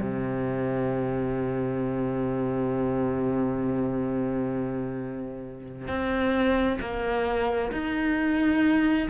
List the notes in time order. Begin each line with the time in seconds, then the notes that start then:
0.00 C3
5.88 C4
6.80 A#3
7.71 D#4